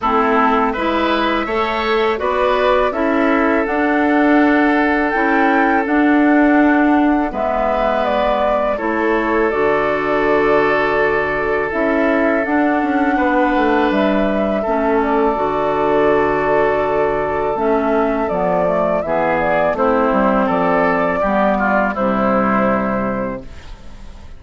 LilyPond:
<<
  \new Staff \with { instrumentName = "flute" } { \time 4/4 \tempo 4 = 82 a'4 e''2 d''4 | e''4 fis''2 g''4 | fis''2 e''4 d''4 | cis''4 d''2. |
e''4 fis''2 e''4~ | e''8 d''2.~ d''8 | e''4 d''4 e''8 d''8 c''4 | d''2 c''2 | }
  \new Staff \with { instrumentName = "oboe" } { \time 4/4 e'4 b'4 cis''4 b'4 | a'1~ | a'2 b'2 | a'1~ |
a'2 b'2 | a'1~ | a'2 gis'4 e'4 | a'4 g'8 f'8 e'2 | }
  \new Staff \with { instrumentName = "clarinet" } { \time 4/4 c'4 e'4 a'4 fis'4 | e'4 d'2 e'4 | d'2 b2 | e'4 fis'2. |
e'4 d'2. | cis'4 fis'2. | cis'4 b8 a8 b4 c'4~ | c'4 b4 g2 | }
  \new Staff \with { instrumentName = "bassoon" } { \time 4/4 a4 gis4 a4 b4 | cis'4 d'2 cis'4 | d'2 gis2 | a4 d2. |
cis'4 d'8 cis'8 b8 a8 g4 | a4 d2. | a4 f4 e4 a8 g8 | f4 g4 c2 | }
>>